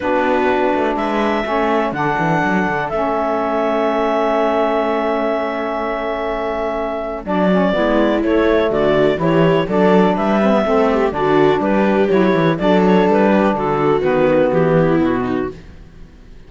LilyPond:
<<
  \new Staff \with { instrumentName = "clarinet" } { \time 4/4 \tempo 4 = 124 b'2 e''2 | fis''2 e''2~ | e''1~ | e''2. d''4~ |
d''4 cis''4 d''4 cis''4 | d''4 e''2 d''4 | b'4 cis''4 d''8 cis''8 b'4 | a'4 b'4 g'4 fis'4 | }
  \new Staff \with { instrumentName = "viola" } { \time 4/4 fis'2 b'4 a'4~ | a'1~ | a'1~ | a'1 |
e'2 fis'4 g'4 | a'4 b'4 a'8 g'8 fis'4 | g'2 a'4. g'8 | fis'2~ fis'8 e'4 dis'8 | }
  \new Staff \with { instrumentName = "saxophone" } { \time 4/4 d'2. cis'4 | d'2 cis'2~ | cis'1~ | cis'2. d'8 cis'8 |
b4 a2 e'4 | d'4. c'16 b16 c'4 d'4~ | d'4 e'4 d'2~ | d'4 b2. | }
  \new Staff \with { instrumentName = "cello" } { \time 4/4 b4. a8 gis4 a4 | d8 e8 fis8 d8 a2~ | a1~ | a2. fis4 |
gis4 a4 d4 e4 | fis4 g4 a4 d4 | g4 fis8 e8 fis4 g4 | d4 dis4 e4 b,4 | }
>>